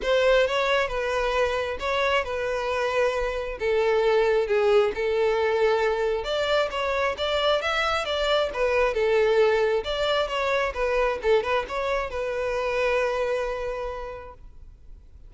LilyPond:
\new Staff \with { instrumentName = "violin" } { \time 4/4 \tempo 4 = 134 c''4 cis''4 b'2 | cis''4 b'2. | a'2 gis'4 a'4~ | a'2 d''4 cis''4 |
d''4 e''4 d''4 b'4 | a'2 d''4 cis''4 | b'4 a'8 b'8 cis''4 b'4~ | b'1 | }